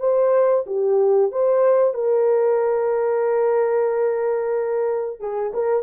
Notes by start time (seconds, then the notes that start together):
0.00 C5
0.67 G4
1.32 C5
1.94 A#4
5.20 G#4
5.54 A#4